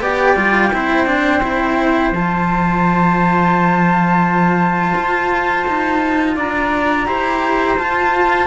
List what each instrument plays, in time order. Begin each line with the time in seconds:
0.00 cello B3 G4, trumpet D5, flute G5
0.36 cello G3 F4
0.73 cello C4 E4, trumpet C5
1.06 cello D4
1.42 cello E4
2.11 cello F3 F4, flute A5
4.95 cello F4
5.67 cello D#4
6.36 cello D4, trumpet D5, flute A#5
7.06 cello E4 G4, trumpet C5
7.78 cello F4, flute A5